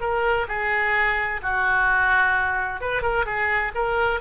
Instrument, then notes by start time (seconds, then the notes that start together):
oboe
0.00 A#4
0.48 G#4
1.42 F#4
2.80 B4
3.02 A#4
3.25 G#4
3.74 A#4